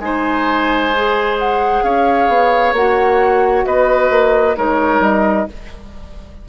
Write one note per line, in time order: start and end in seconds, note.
0.00 1.82 G#3
0.00 0.93 D#4
0.00 1.84 C5
0.00 1.36 G#5
0.95 2.77 G#4
1.39 1.84 F#5
1.84 2.29 C#4
1.84 3.66 C#5
1.84 2.75 F5
2.29 2.73 B3
2.73 3.64 A#3
2.73 4.57 F#4
2.73 3.66 F#5
3.66 4.11 B3
3.66 4.57 B4
3.66 4.57 D#5
4.11 4.56 A#3
4.57 5.00 G#3
4.57 5.48 D#4
4.57 5.48 A#4
4.57 5.03 C#5
5.00 5.46 G3
5.00 5.49 D#5